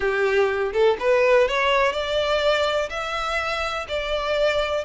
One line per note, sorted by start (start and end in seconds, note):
0.00 0.72 G4
0.73 0.97 A4
0.99 1.48 B4
1.48 1.92 C#5
1.92 2.89 D5
2.89 3.86 E5
3.88 4.85 D5